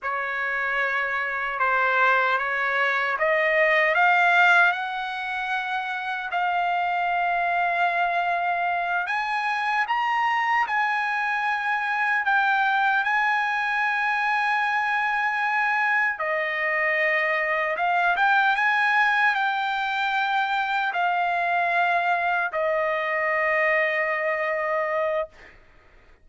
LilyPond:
\new Staff \with { instrumentName = "trumpet" } { \time 4/4 \tempo 4 = 76 cis''2 c''4 cis''4 | dis''4 f''4 fis''2 | f''2.~ f''8 gis''8~ | gis''8 ais''4 gis''2 g''8~ |
g''8 gis''2.~ gis''8~ | gis''8 dis''2 f''8 g''8 gis''8~ | gis''8 g''2 f''4.~ | f''8 dis''2.~ dis''8 | }